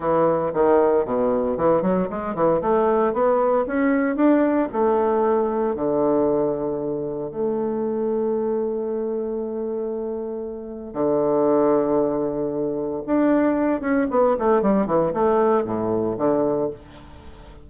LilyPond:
\new Staff \with { instrumentName = "bassoon" } { \time 4/4 \tempo 4 = 115 e4 dis4 b,4 e8 fis8 | gis8 e8 a4 b4 cis'4 | d'4 a2 d4~ | d2 a2~ |
a1~ | a4 d2.~ | d4 d'4. cis'8 b8 a8 | g8 e8 a4 a,4 d4 | }